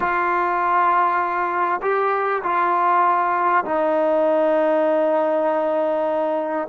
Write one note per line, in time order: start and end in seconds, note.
0.00 1.80 F4
1.82 2.42 G4
2.43 3.64 F4
3.64 6.67 D#4